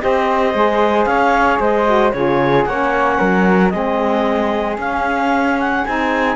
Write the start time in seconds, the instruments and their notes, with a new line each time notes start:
0.00 cello C4, saxophone G4, flute C5, clarinet D#5
0.54 cello G#3, saxophone G#4
1.05 cello C#4, flute C#5, clarinet F5
1.60 cello G#3, flute C5, clarinet D#5
1.86 saxophone F#4
2.12 cello C#3, saxophone F4, flute G#4, clarinet C#5
2.65 cello A#3, saxophone C#4, flute C#5, clarinet F#5
3.19 cello F#3, flute A#4
3.70 cello G#3, saxophone C4, flute G#4, clarinet D#5
4.78 cello C#4, saxophone C#4, clarinet F5
5.60 clarinet F#5
5.85 cello C4, saxophone D#4, clarinet G#5